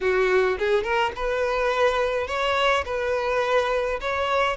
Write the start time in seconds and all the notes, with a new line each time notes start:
0.01 F#4
0.58 G#4
0.83 A#4
1.15 B4
2.27 C#5
2.85 B4
4.00 C#5